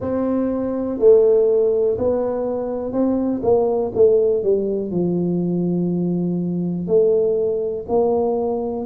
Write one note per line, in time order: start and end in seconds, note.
0.00 0.98 C4
0.98 1.97 A3
1.98 2.92 B3
2.92 3.41 C4
3.42 3.92 A#3
3.94 4.43 A3
4.43 4.91 G3
4.91 6.87 F3
6.87 7.85 A3
7.88 8.85 A#3